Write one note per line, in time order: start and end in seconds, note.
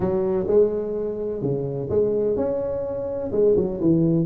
0.00 0.46 F#3
0.47 1.42 G#3
1.42 1.89 C#3
1.89 2.36 G#3
2.36 3.30 C#4
3.32 3.55 G#3
3.56 3.79 F#3
3.80 4.25 E3